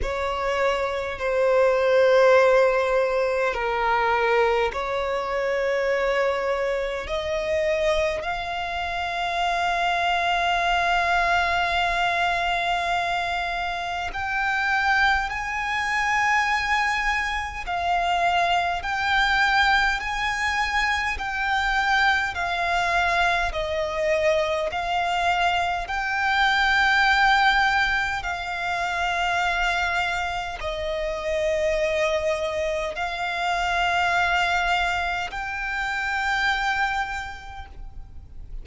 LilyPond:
\new Staff \with { instrumentName = "violin" } { \time 4/4 \tempo 4 = 51 cis''4 c''2 ais'4 | cis''2 dis''4 f''4~ | f''1 | g''4 gis''2 f''4 |
g''4 gis''4 g''4 f''4 | dis''4 f''4 g''2 | f''2 dis''2 | f''2 g''2 | }